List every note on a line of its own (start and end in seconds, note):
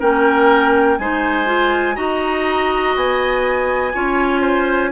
0.00 0.99 A#3
0.00 0.99 C#4
0.00 0.98 A#4
0.00 0.99 G5
0.99 1.97 G#3
0.99 1.46 D#4
0.99 1.96 C5
0.99 1.96 G#5
1.46 1.95 F4
1.95 2.96 D#4
1.95 3.92 F#4
1.95 3.93 D#5
1.95 2.95 A#5
2.96 3.94 B3
2.96 4.92 G#5
3.94 4.92 C#4
3.94 4.92 F4
3.94 4.41 C#5
4.41 4.91 C5